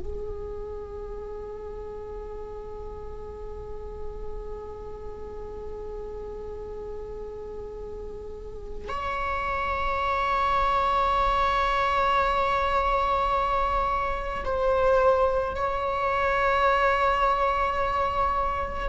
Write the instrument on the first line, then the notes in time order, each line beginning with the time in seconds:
viola
0.00 G#4
8.89 C#5
14.45 C5
15.56 C#5